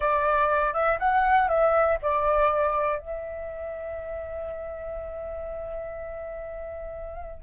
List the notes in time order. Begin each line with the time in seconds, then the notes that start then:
0.00 D5
0.73 E5
0.99 F#5
1.48 E5
2.02 D5
2.99 E5